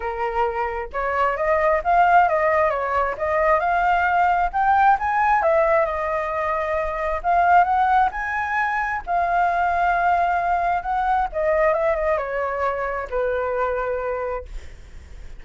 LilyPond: \new Staff \with { instrumentName = "flute" } { \time 4/4 \tempo 4 = 133 ais'2 cis''4 dis''4 | f''4 dis''4 cis''4 dis''4 | f''2 g''4 gis''4 | e''4 dis''2. |
f''4 fis''4 gis''2 | f''1 | fis''4 dis''4 e''8 dis''8 cis''4~ | cis''4 b'2. | }